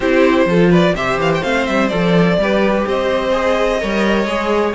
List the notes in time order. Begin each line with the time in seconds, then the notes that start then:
0.00 C4 E4 G4 C5
0.45 F3 F4 A4
0.70 B4 D5
0.94 C3 G4 C5 E5
1.17 E3 F5
1.34 G5
1.42 A3 C4 F5
1.66 G3 E5
1.88 F3 A4 D5
2.38 G3 G4 B4
2.87 C4 C5 D#5
3.31 G#4
3.80 G3 A#4 C#5
4.25 G#3 G#4